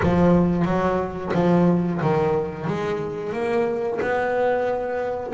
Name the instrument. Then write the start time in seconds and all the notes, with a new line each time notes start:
double bass
0.02 F3
0.65 F#3
1.34 F3
2.01 D#3
2.67 G#3
3.32 A#3
4.01 B3